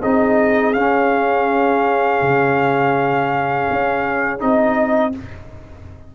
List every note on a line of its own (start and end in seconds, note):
0.00 0.76 C4
0.00 0.75 D#4
0.00 5.12 G#4
0.00 0.73 D#5
0.73 4.39 C#4
0.73 2.21 C#4
0.73 4.39 F5
2.21 3.68 C#3
3.70 4.42 C#4
4.39 5.15 C4
4.39 5.12 D#4
4.39 5.14 D#5